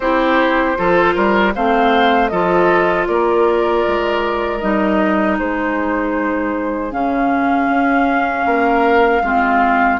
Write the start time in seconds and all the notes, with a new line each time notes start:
0.00 C4 E4 G4 C5
0.76 F3 F4 A4
1.14 G3 A#4
1.54 A3 C4 C5 F5
2.28 F3 F4 A4 D#5
3.07 A#3 A#4 D5
3.87 G#3
4.59 G3 D#4 D#5
5.38 G#3 G#4 C5
6.91 C#3 C#4 F5
7.69 C#4
8.45 A#3 A#4
9.21 G#3 C4 F4